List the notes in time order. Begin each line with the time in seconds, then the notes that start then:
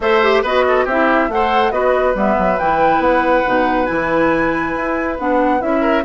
0.00 A3 A4 C5 E5
0.23 G4
0.43 B3 F#4 B4 D#5
0.68 A4
0.84 C4 E4 G4 E5
1.28 A3 A4 C5 F#5
1.71 B3 F#4 B4 D#5
2.14 G3 B3 E5
2.38 F#3
2.59 E3 E4 G5
2.98 B3 F#5
3.45 B2 D#4
3.86 E3 E4 G#5
4.75 E4
5.18 B3 D4 F#5
5.59 C#4 E4 E5
5.80 A#4